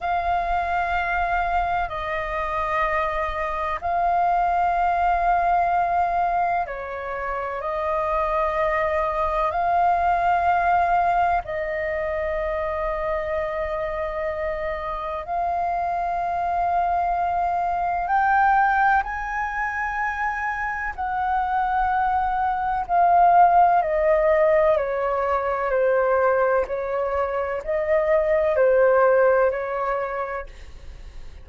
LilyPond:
\new Staff \with { instrumentName = "flute" } { \time 4/4 \tempo 4 = 63 f''2 dis''2 | f''2. cis''4 | dis''2 f''2 | dis''1 |
f''2. g''4 | gis''2 fis''2 | f''4 dis''4 cis''4 c''4 | cis''4 dis''4 c''4 cis''4 | }